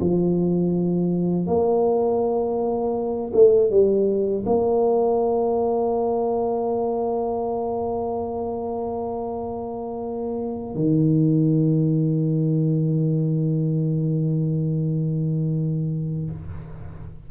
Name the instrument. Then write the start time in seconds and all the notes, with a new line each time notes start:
tuba
0.00 F3
1.46 A#3
3.33 A3
3.70 G3
4.46 A#3
10.75 D#3